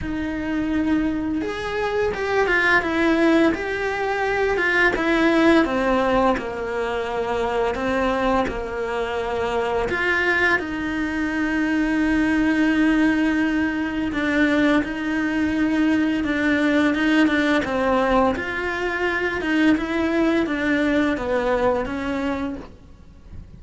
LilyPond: \new Staff \with { instrumentName = "cello" } { \time 4/4 \tempo 4 = 85 dis'2 gis'4 g'8 f'8 | e'4 g'4. f'8 e'4 | c'4 ais2 c'4 | ais2 f'4 dis'4~ |
dis'1 | d'4 dis'2 d'4 | dis'8 d'8 c'4 f'4. dis'8 | e'4 d'4 b4 cis'4 | }